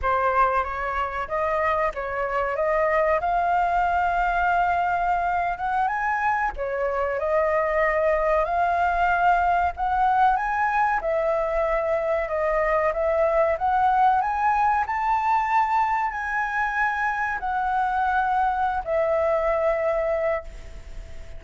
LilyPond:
\new Staff \with { instrumentName = "flute" } { \time 4/4 \tempo 4 = 94 c''4 cis''4 dis''4 cis''4 | dis''4 f''2.~ | f''8. fis''8 gis''4 cis''4 dis''8.~ | dis''4~ dis''16 f''2 fis''8.~ |
fis''16 gis''4 e''2 dis''8.~ | dis''16 e''4 fis''4 gis''4 a''8.~ | a''4~ a''16 gis''2 fis''8.~ | fis''4. e''2~ e''8 | }